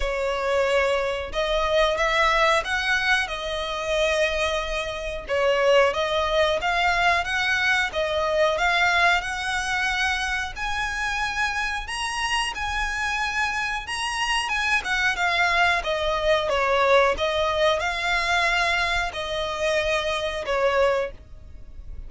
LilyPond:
\new Staff \with { instrumentName = "violin" } { \time 4/4 \tempo 4 = 91 cis''2 dis''4 e''4 | fis''4 dis''2. | cis''4 dis''4 f''4 fis''4 | dis''4 f''4 fis''2 |
gis''2 ais''4 gis''4~ | gis''4 ais''4 gis''8 fis''8 f''4 | dis''4 cis''4 dis''4 f''4~ | f''4 dis''2 cis''4 | }